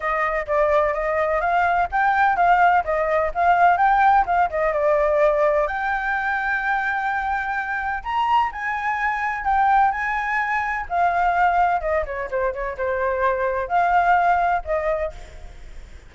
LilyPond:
\new Staff \with { instrumentName = "flute" } { \time 4/4 \tempo 4 = 127 dis''4 d''4 dis''4 f''4 | g''4 f''4 dis''4 f''4 | g''4 f''8 dis''8 d''2 | g''1~ |
g''4 ais''4 gis''2 | g''4 gis''2 f''4~ | f''4 dis''8 cis''8 c''8 cis''8 c''4~ | c''4 f''2 dis''4 | }